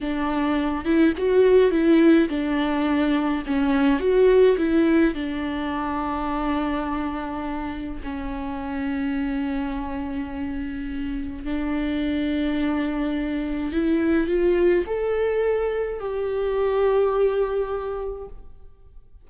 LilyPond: \new Staff \with { instrumentName = "viola" } { \time 4/4 \tempo 4 = 105 d'4. e'8 fis'4 e'4 | d'2 cis'4 fis'4 | e'4 d'2.~ | d'2 cis'2~ |
cis'1 | d'1 | e'4 f'4 a'2 | g'1 | }